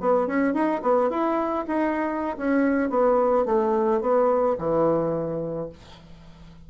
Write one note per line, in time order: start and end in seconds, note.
0.00 0.27 B3
0.27 0.54 C#4
0.54 0.81 D#4
0.82 1.10 B3
1.10 1.65 E4
1.67 2.37 D#4
2.37 2.90 C#4
2.90 3.45 B3
3.45 4.01 A3
4.01 4.56 B3
4.58 5.69 E3